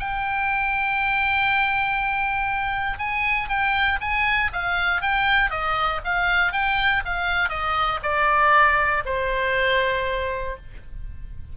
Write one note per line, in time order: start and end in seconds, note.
0.00 2.99 G5
2.99 3.49 G#5
3.49 3.99 G5
4.01 4.51 G#5
4.53 5.02 F5
5.02 5.50 G5
5.50 6.01 D#5
6.05 6.53 F5
6.53 7.03 G5
7.05 7.49 F5
7.49 8.00 D#5
8.03 9.04 D5
9.05 10.57 C5